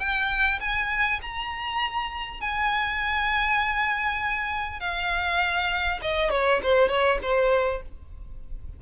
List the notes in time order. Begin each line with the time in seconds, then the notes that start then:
0.00 G5
0.61 G#5
1.22 A#5
2.41 G#5
4.81 F5
6.02 D#5
6.31 C#5
6.64 C5
6.89 C#5
7.22 C5